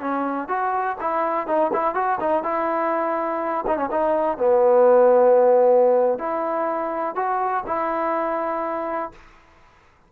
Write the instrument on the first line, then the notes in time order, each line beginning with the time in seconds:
trombone
0.00 C#4
0.48 F#4
1.00 E4
1.46 D#4
1.73 E4
1.94 F#4
2.20 D#4
2.43 E4
3.67 D#4
3.77 C#4
3.90 D#4
4.37 B3
6.18 E4
7.15 F#4
7.66 E4